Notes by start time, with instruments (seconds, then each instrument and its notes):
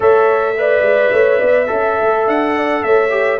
0.00 tuba A3, trombone A4, horn C#5, trumpet E5
0.58 trombone B4, horn D5
0.81 tuba G#3
1.12 tuba A3, horn C#5
1.38 tuba B3, horn D5
1.67 tuba C#4, trombone A4, horn E5
2.00 tuba A3
2.27 tuba D4, trumpet F#5
2.55 horn D5
2.83 tuba A3, horn C#5, trumpet E5
3.10 trombone G4